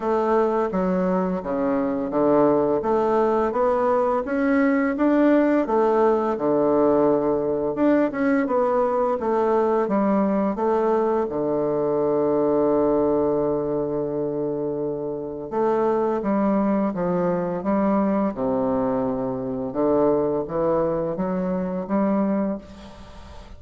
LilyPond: \new Staff \with { instrumentName = "bassoon" } { \time 4/4 \tempo 4 = 85 a4 fis4 cis4 d4 | a4 b4 cis'4 d'4 | a4 d2 d'8 cis'8 | b4 a4 g4 a4 |
d1~ | d2 a4 g4 | f4 g4 c2 | d4 e4 fis4 g4 | }